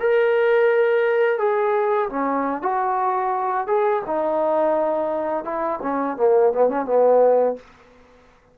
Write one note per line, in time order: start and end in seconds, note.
0.00 1.38 A#4
1.38 2.09 G#4
2.10 2.62 C#4
2.62 3.67 F#4
3.67 4.02 G#4
4.06 5.44 D#4
5.44 5.79 E4
5.82 6.17 C#4
6.17 6.52 A#3
6.52 6.69 B3
6.69 6.85 C#4
6.85 7.56 B3